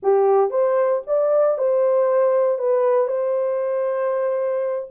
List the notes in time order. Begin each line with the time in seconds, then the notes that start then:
0.02 G4
0.50 C5
1.06 D5
1.58 C5
2.58 B4
3.07 C5